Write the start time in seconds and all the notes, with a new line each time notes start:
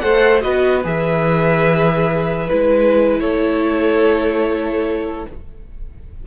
0.00 A3 A4 C5 F#5
0.41 B3 F#4 B4 D#5
0.84 E3 G#4 E5
2.49 G#3 E4 B4
3.20 A3 A4 C#5